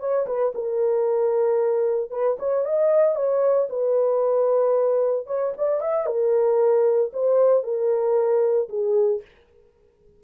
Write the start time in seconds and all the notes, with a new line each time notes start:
0.00 C#5
0.27 B4
0.55 A#4
2.11 B4
2.39 C#5
2.65 D#5
3.15 C#5
3.70 B4
5.27 C#5
5.58 D5
5.81 E5
6.06 A#4
7.13 C5
7.64 A#4
8.69 G#4